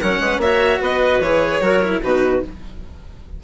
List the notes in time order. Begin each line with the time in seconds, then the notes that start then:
0.00 F#3 C#4 A#4 F#5
0.20 G#3 B4
0.38 A#3 F#4 C#5 E5
0.81 B3 B4 D#5
1.21 E3 G#4 C#5
1.61 F#3 F#4 A#4
1.83 E4
2.03 B2 D#4 F#4 B4